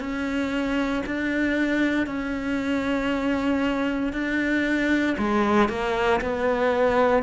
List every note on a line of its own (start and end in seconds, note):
0.00 1.03 C#4
1.06 2.06 D4
2.06 4.13 C#4
4.13 5.16 D4
5.18 5.68 G#3
5.68 6.20 A#3
6.21 7.23 B3